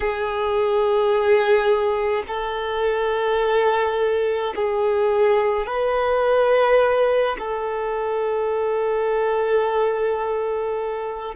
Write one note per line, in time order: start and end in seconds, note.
0.00 2.23 G#4
2.27 4.53 A4
4.55 5.66 G#4
5.66 7.36 B4
7.38 11.35 A4